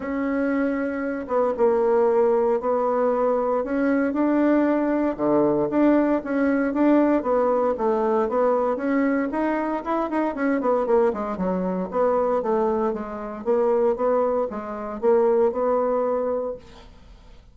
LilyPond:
\new Staff \with { instrumentName = "bassoon" } { \time 4/4 \tempo 4 = 116 cis'2~ cis'8 b8 ais4~ | ais4 b2 cis'4 | d'2 d4 d'4 | cis'4 d'4 b4 a4 |
b4 cis'4 dis'4 e'8 dis'8 | cis'8 b8 ais8 gis8 fis4 b4 | a4 gis4 ais4 b4 | gis4 ais4 b2 | }